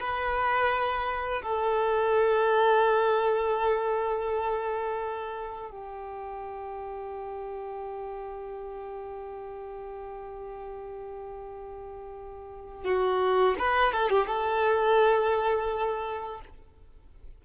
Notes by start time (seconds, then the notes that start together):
0.00 B4
1.43 A4
5.70 G4
12.84 F#4
13.59 B4
13.93 A4
14.10 G4
14.27 A4